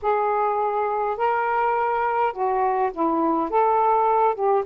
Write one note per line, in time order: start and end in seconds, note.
0.02 1.17 G#4
1.17 2.32 A#4
2.32 2.91 F#4
2.93 3.50 E4
3.50 4.34 A4
4.34 4.63 G4